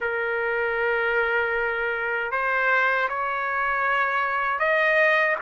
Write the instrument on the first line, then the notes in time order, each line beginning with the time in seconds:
trumpet
0.00 A#4
2.31 C5
3.08 C#5
4.59 D#5